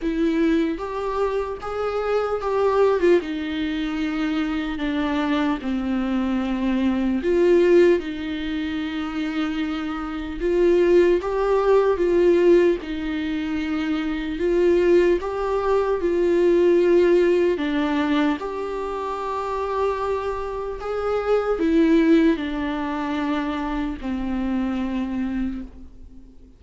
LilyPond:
\new Staff \with { instrumentName = "viola" } { \time 4/4 \tempo 4 = 75 e'4 g'4 gis'4 g'8. f'16 | dis'2 d'4 c'4~ | c'4 f'4 dis'2~ | dis'4 f'4 g'4 f'4 |
dis'2 f'4 g'4 | f'2 d'4 g'4~ | g'2 gis'4 e'4 | d'2 c'2 | }